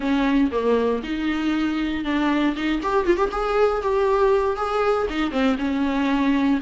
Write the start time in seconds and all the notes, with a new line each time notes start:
0.00 C#4
0.51 A#3
1.03 D#4
2.04 D4
2.55 D#4
2.82 G4
3.06 F4
3.16 G4
3.31 G#4
3.82 G4
4.56 G#4
5.09 D#4
5.31 C4
5.58 C#4